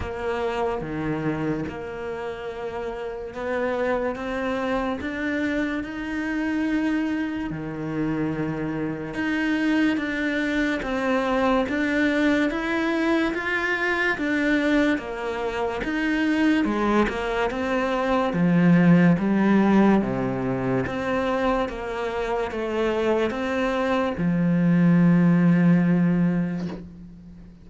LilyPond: \new Staff \with { instrumentName = "cello" } { \time 4/4 \tempo 4 = 72 ais4 dis4 ais2 | b4 c'4 d'4 dis'4~ | dis'4 dis2 dis'4 | d'4 c'4 d'4 e'4 |
f'4 d'4 ais4 dis'4 | gis8 ais8 c'4 f4 g4 | c4 c'4 ais4 a4 | c'4 f2. | }